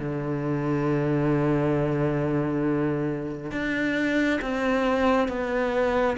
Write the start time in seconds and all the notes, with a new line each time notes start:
0.00 D3
3.52 D4
4.42 C4
5.29 B3